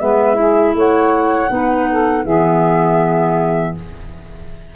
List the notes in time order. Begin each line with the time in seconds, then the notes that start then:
0.00 G#3 B3 B4 E5
0.35 E4 G#4
0.75 A3 C#5 F#5
1.49 B3 D#4 B4
1.90 A4
2.25 E3 B3 G#4 E5